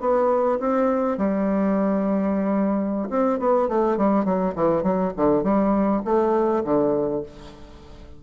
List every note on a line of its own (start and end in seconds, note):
0.00 0.59 B3
0.59 1.18 C4
1.18 3.09 G3
3.10 3.39 C4
3.39 3.68 B3
3.68 3.97 A3
3.97 4.25 G3
4.25 4.54 F#3
4.55 4.83 E3
4.83 5.12 F#3
5.16 5.43 D3
5.43 6.02 G3
6.05 6.64 A3
6.64 7.23 D3